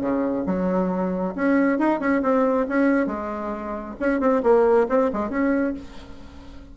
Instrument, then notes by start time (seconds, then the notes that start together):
bassoon
0.00 C#3
0.46 F#3
1.35 C#4
1.78 D#4
1.99 C#4
2.22 C4
2.68 C#4
3.06 G#3
3.99 C#4
4.20 C4
4.43 A#3
4.89 C4
5.12 G#3
5.29 C#4